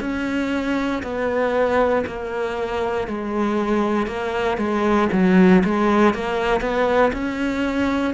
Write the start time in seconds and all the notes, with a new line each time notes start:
0.00 C#4
1.03 B3
2.06 A#3
3.07 G#3
4.06 A#3
4.57 G#3
5.12 F#3
5.64 G#3
6.13 A#3
6.61 B3
7.12 C#4